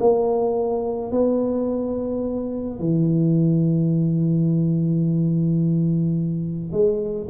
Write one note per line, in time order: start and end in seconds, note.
0.00 1.11 A#3
1.11 2.79 B3
2.79 6.72 E3
6.72 7.28 G#3